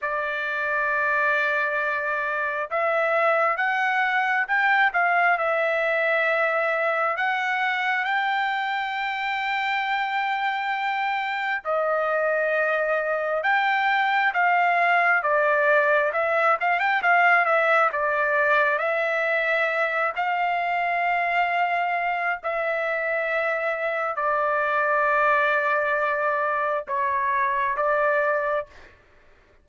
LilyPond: \new Staff \with { instrumentName = "trumpet" } { \time 4/4 \tempo 4 = 67 d''2. e''4 | fis''4 g''8 f''8 e''2 | fis''4 g''2.~ | g''4 dis''2 g''4 |
f''4 d''4 e''8 f''16 g''16 f''8 e''8 | d''4 e''4. f''4.~ | f''4 e''2 d''4~ | d''2 cis''4 d''4 | }